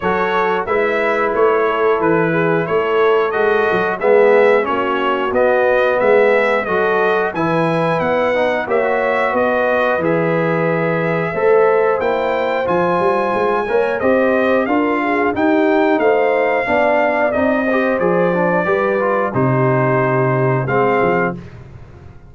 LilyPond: <<
  \new Staff \with { instrumentName = "trumpet" } { \time 4/4 \tempo 4 = 90 cis''4 e''4 cis''4 b'4 | cis''4 dis''4 e''4 cis''4 | dis''4 e''4 dis''4 gis''4 | fis''4 e''4 dis''4 e''4~ |
e''2 g''4 gis''4~ | gis''4 dis''4 f''4 g''4 | f''2 dis''4 d''4~ | d''4 c''2 f''4 | }
  \new Staff \with { instrumentName = "horn" } { \time 4/4 a'4 b'4. a'4 gis'8 | a'2 gis'4 fis'4~ | fis'4 gis'4 a'4 b'4~ | b'4 cis''4 b'2~ |
b'4 c''2.~ | c''8 cis''8 c''4 ais'8 gis'8 g'4 | c''4 d''4. c''4. | b'4 g'2 gis'4 | }
  \new Staff \with { instrumentName = "trombone" } { \time 4/4 fis'4 e'2.~ | e'4 fis'4 b4 cis'4 | b2 fis'4 e'4~ | e'8 dis'8 g'16 fis'4.~ fis'16 gis'4~ |
gis'4 a'4 e'4 f'4~ | f'8 ais'8 g'4 f'4 dis'4~ | dis'4 d'4 dis'8 g'8 gis'8 d'8 | g'8 f'8 dis'2 c'4 | }
  \new Staff \with { instrumentName = "tuba" } { \time 4/4 fis4 gis4 a4 e4 | a4 gis8 fis8 gis4 ais4 | b4 gis4 fis4 e4 | b4 ais4 b4 e4~ |
e4 a4 ais4 f8 g8 | gis8 ais8 c'4 d'4 dis'4 | a4 b4 c'4 f4 | g4 c2 gis8 f8 | }
>>